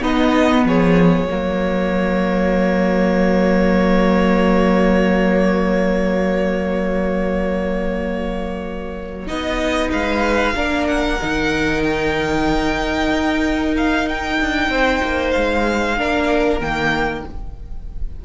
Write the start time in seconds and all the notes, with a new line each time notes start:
0.00 B3 D#4 D#5
0.64 F3 G#4 C#5
1.29 F#3 A#3 F#4
9.26 B3 D#4 D#5
9.90 G#3 B4 F5
10.53 A#3 D4 A#4
10.86 F#5
11.20 D#3 D#4
11.83 G5
13.11 D#4
13.76 F5
14.08 G5
14.39 D4
14.68 C4 C5
15.03 A#3
15.30 G#3 F5
15.96 A#3 D4 A#4
16.60 D#3 A#3 G5